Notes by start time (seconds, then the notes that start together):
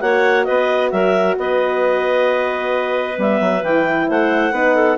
0.00 A#3 F#4 C#5 F#5
0.45 B3 B4 D#5
0.91 F#3 A#4 E5
1.38 B3 B4 D#5
3.18 G3 B3 E5
3.41 F#3
3.63 E3 E4 G5
4.08 A3 C5 F#5
4.52 B3 D#4 B4
4.76 A4